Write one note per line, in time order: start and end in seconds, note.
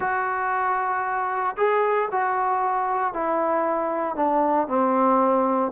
0.00 1.56 F#4
1.56 2.08 G#4
2.11 3.13 F#4
3.13 4.15 E4
4.15 4.67 D4
4.67 5.72 C4